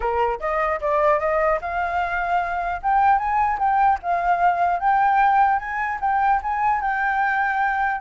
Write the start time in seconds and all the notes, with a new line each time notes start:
0.00 A#4
0.39 D#5
0.81 D5
1.19 D#5
1.61 F5
2.82 G5
3.18 G#5
3.58 G5
4.02 F5
4.79 G5
5.59 G#5
6.00 G5
6.42 G#5
6.81 G5